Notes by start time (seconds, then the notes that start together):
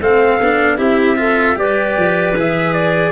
0.00 A3 C4 A4 F5
0.41 B3 D4
0.78 C4 E4 G4 E5
1.17 F4 A4
1.56 G3 G4 B4 D5
1.98 F3
2.35 E3 G#4 E5
2.74 D5